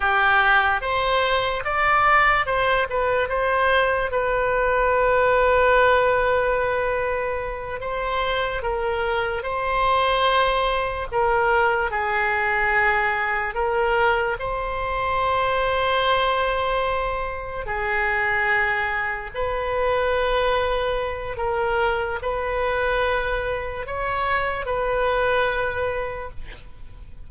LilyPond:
\new Staff \with { instrumentName = "oboe" } { \time 4/4 \tempo 4 = 73 g'4 c''4 d''4 c''8 b'8 | c''4 b'2.~ | b'4. c''4 ais'4 c''8~ | c''4. ais'4 gis'4.~ |
gis'8 ais'4 c''2~ c''8~ | c''4. gis'2 b'8~ | b'2 ais'4 b'4~ | b'4 cis''4 b'2 | }